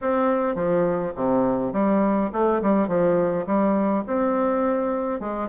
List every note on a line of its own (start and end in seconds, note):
0.01 0.55 C4
0.55 1.12 F3
1.16 1.72 C3
1.72 2.30 G3
2.32 2.61 A3
2.61 2.88 G3
2.88 3.45 F3
3.46 4.04 G3
4.06 5.19 C4
5.19 5.48 G#3